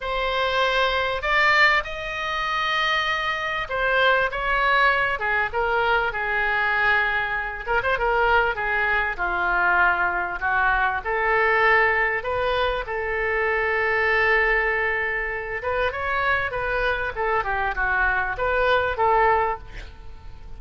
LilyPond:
\new Staff \with { instrumentName = "oboe" } { \time 4/4 \tempo 4 = 98 c''2 d''4 dis''4~ | dis''2 c''4 cis''4~ | cis''8 gis'8 ais'4 gis'2~ | gis'8 ais'16 c''16 ais'4 gis'4 f'4~ |
f'4 fis'4 a'2 | b'4 a'2.~ | a'4. b'8 cis''4 b'4 | a'8 g'8 fis'4 b'4 a'4 | }